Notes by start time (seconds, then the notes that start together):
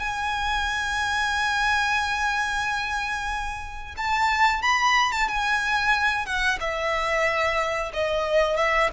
0.00 G#5
3.98 A5
4.63 B5
5.12 A5
5.29 G#5
6.26 F#5
6.61 E5
7.94 D#5
8.57 E5